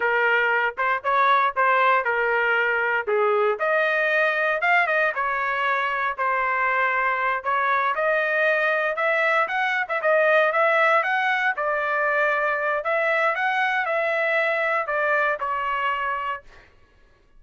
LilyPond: \new Staff \with { instrumentName = "trumpet" } { \time 4/4 \tempo 4 = 117 ais'4. c''8 cis''4 c''4 | ais'2 gis'4 dis''4~ | dis''4 f''8 dis''8 cis''2 | c''2~ c''8 cis''4 dis''8~ |
dis''4. e''4 fis''8. e''16 dis''8~ | dis''8 e''4 fis''4 d''4.~ | d''4 e''4 fis''4 e''4~ | e''4 d''4 cis''2 | }